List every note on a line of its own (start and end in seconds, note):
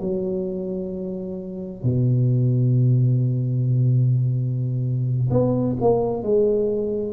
0.00 1.83 F#3
1.83 5.29 B2
5.30 5.76 B3
5.81 6.22 A#3
6.22 7.13 G#3